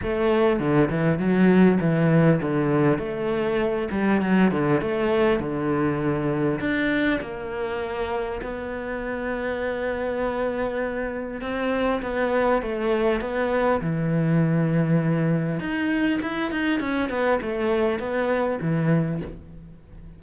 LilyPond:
\new Staff \with { instrumentName = "cello" } { \time 4/4 \tempo 4 = 100 a4 d8 e8 fis4 e4 | d4 a4. g8 fis8 d8 | a4 d2 d'4 | ais2 b2~ |
b2. c'4 | b4 a4 b4 e4~ | e2 dis'4 e'8 dis'8 | cis'8 b8 a4 b4 e4 | }